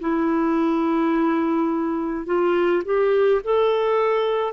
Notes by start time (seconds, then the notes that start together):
0.00 E4
2.26 F4
2.84 G4
3.43 A4